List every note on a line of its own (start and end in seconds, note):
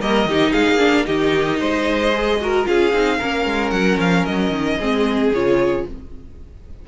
0.00 0.26 G3
0.00 0.28 A#3
0.00 0.29 A#4
0.00 0.53 D#5
0.26 0.53 D#3
0.26 0.79 D#4
0.26 0.52 G4
0.52 0.68 G#3
0.52 1.05 G#4
0.52 1.06 F5
0.70 1.08 A#3
0.79 1.05 D4
1.05 1.61 D#3
1.05 2.11 D#4
1.05 1.59 G4
1.05 2.65 D#5
1.60 2.67 G#3
1.60 2.39 C5
2.13 2.40 G#4
2.41 2.65 F#4
2.41 2.69 A#4
2.65 2.93 C#4
2.65 2.92 F4
2.65 3.19 G#4
2.65 3.71 F5
2.93 3.20 C4
2.93 3.20 D#4
3.19 3.45 A#3
3.19 4.80 C#4
3.19 4.78 A#4
3.45 3.72 G#3
3.71 3.98 F#3
3.71 3.97 F#5
3.98 4.24 F3
3.98 4.25 F5
4.25 4.51 F#3
4.25 5.32 D#5
4.51 4.77 D#3
4.80 5.32 G#3
4.80 5.33 C4
4.80 5.86 G#4
5.32 5.85 C#3
5.32 5.88 F4
5.32 5.87 C#5